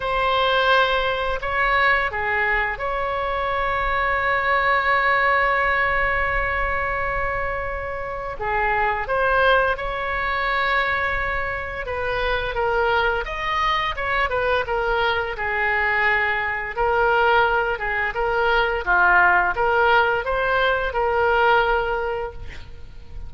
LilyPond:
\new Staff \with { instrumentName = "oboe" } { \time 4/4 \tempo 4 = 86 c''2 cis''4 gis'4 | cis''1~ | cis''1 | gis'4 c''4 cis''2~ |
cis''4 b'4 ais'4 dis''4 | cis''8 b'8 ais'4 gis'2 | ais'4. gis'8 ais'4 f'4 | ais'4 c''4 ais'2 | }